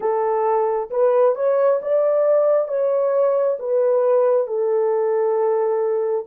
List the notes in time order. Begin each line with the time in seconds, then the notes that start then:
0.00 A4
0.90 B4
1.35 C#5
1.82 D5
2.67 C#5
3.59 B4
4.47 A4